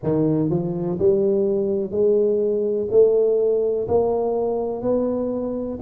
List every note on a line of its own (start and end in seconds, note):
0.03 0.50 D#3
0.50 0.98 F3
0.99 1.91 G3
1.91 2.88 G#3
2.90 3.87 A3
3.88 4.81 A#3
4.81 5.78 B3